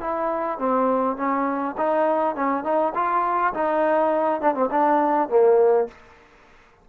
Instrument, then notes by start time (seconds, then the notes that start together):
trombone
0.00 E4
0.58 C4
1.16 C#4
1.77 D#4
2.35 C#4
2.63 D#4
2.94 F4
3.54 D#4
4.41 D4
4.54 C4
4.70 D4
5.29 A#3